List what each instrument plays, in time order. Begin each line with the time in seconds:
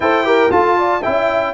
0.00 tuba E4, trombone A4, horn C5, trumpet G5
0.23 trombone G4, horn A#4
0.50 trombone F4, tuba F4, horn A4, trumpet A5
0.78 horn D5
1.02 tuba C#4, trombone E4, horn E5, trumpet G5